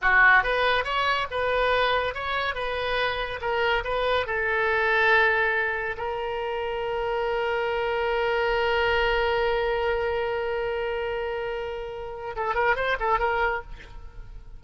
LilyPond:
\new Staff \with { instrumentName = "oboe" } { \time 4/4 \tempo 4 = 141 fis'4 b'4 cis''4 b'4~ | b'4 cis''4 b'2 | ais'4 b'4 a'2~ | a'2 ais'2~ |
ais'1~ | ais'1~ | ais'1~ | ais'4 a'8 ais'8 c''8 a'8 ais'4 | }